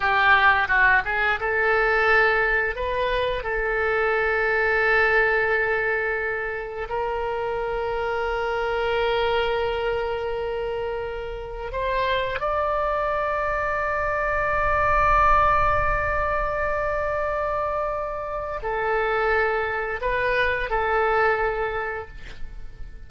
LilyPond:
\new Staff \with { instrumentName = "oboe" } { \time 4/4 \tempo 4 = 87 g'4 fis'8 gis'8 a'2 | b'4 a'2.~ | a'2 ais'2~ | ais'1~ |
ais'4 c''4 d''2~ | d''1~ | d''2. a'4~ | a'4 b'4 a'2 | }